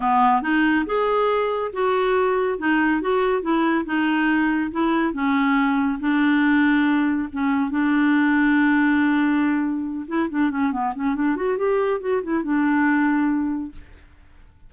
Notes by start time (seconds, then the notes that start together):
0.00 B3
0.42 D#4
0.86 G#4
1.73 F#4
2.58 D#4
3.01 F#4
3.42 E4
3.85 D#4
4.71 E4
5.13 C#4
5.99 D4
7.32 C#4
7.70 D4
10.07 E4
10.29 D4
10.50 C#4
10.72 B3
10.95 C#4
11.15 D4
11.36 F#4
11.57 G4
12.00 F#4
12.22 E4
12.43 D4